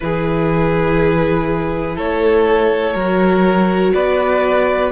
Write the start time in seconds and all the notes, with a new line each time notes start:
0.00 E3 E4 G#4 B4
1.95 A3 A4 C#5
2.93 F#3 F#4 A#4
3.93 B3 B4 D5